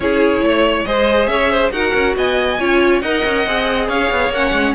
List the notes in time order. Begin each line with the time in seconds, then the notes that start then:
0.00 C#4 E4 G#4 C#5
0.42 A3 C#5
0.84 G#3 G#4 C5 D#5
1.27 C#4 C#5 E5
1.51 C5
1.71 D#4 F#4 A#4 F#5
1.94 C#4
2.16 B3 D#5 G#5
2.59 C#4 F4 C#5
3.00 D#4 A#4 D#5 F#5
3.24 C#4
3.46 C4 G#4
3.88 C#4 C#5 F5
4.11 B3
4.29 A#3 C#4 F#5
4.51 G#3